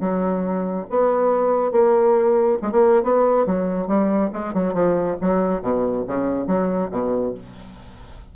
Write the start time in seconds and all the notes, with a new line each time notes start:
0.00 F#3
0.90 B3
1.72 A#3
2.62 G#3
2.72 A#3
3.03 B3
3.46 F#3
3.88 G3
4.33 G#3
4.54 F#3
4.74 F3
5.21 F#3
5.62 B2
6.07 C#3
6.47 F#3
6.91 B2